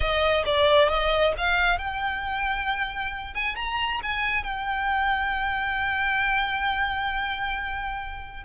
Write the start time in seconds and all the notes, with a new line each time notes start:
0.00 D#5
0.45 D5
0.88 D#5
1.37 F5
1.78 G5
3.34 G#5
3.55 A#5
4.02 G#5
4.43 G5